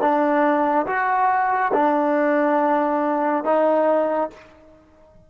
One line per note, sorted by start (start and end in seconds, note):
0.00 0.86 D4
0.86 1.72 F#4
1.73 3.44 D4
3.44 4.30 D#4